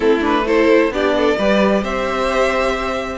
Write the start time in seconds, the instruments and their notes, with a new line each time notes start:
0.00 cello A3, viola C4, violin E4 A4
0.20 viola D4, violin B4
0.46 viola E4, violin A4 C5
0.90 cello B3, viola D4, violin G4 D5
1.17 violin A4
1.38 cello G3, viola G4, violin B4
1.82 cello C4, violin C5 E5